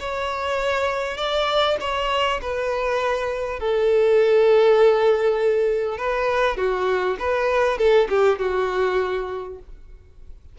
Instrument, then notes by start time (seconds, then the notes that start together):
violin
0.00 C#5
1.18 D5
1.81 C#5
2.42 B4
3.60 A4
5.98 B4
6.57 F#4
7.19 B4
7.79 A4
8.10 G4
8.39 F#4